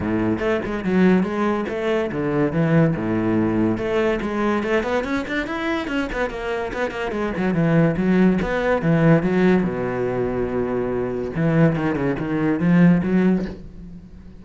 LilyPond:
\new Staff \with { instrumentName = "cello" } { \time 4/4 \tempo 4 = 143 a,4 a8 gis8 fis4 gis4 | a4 d4 e4 a,4~ | a,4 a4 gis4 a8 b8 | cis'8 d'8 e'4 cis'8 b8 ais4 |
b8 ais8 gis8 fis8 e4 fis4 | b4 e4 fis4 b,4~ | b,2. e4 | dis8 cis8 dis4 f4 fis4 | }